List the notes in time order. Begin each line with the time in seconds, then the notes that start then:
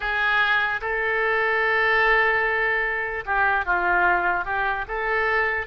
0.00 G#4
0.81 A4
3.25 G4
3.65 F4
4.44 G4
4.88 A4